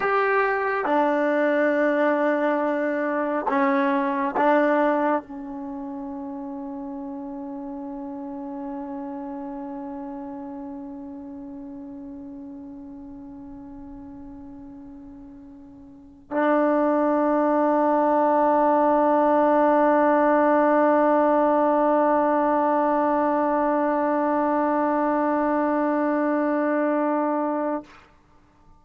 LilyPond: \new Staff \with { instrumentName = "trombone" } { \time 4/4 \tempo 4 = 69 g'4 d'2. | cis'4 d'4 cis'2~ | cis'1~ | cis'1~ |
cis'2~ cis'8. d'4~ d'16~ | d'1~ | d'1~ | d'1 | }